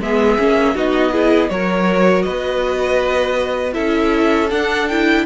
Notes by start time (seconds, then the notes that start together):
0.00 G#3 B3 G#4 E5
0.38 A#3 C#4
0.74 B3 D#4 F#4 D#5
1.12 E4 G#4
1.49 F#3 F#4 A#4 C#5
2.22 B3 B4 D#5
3.72 C#4 E4 A4 E5
4.50 D4 F#5
4.88 E4 G5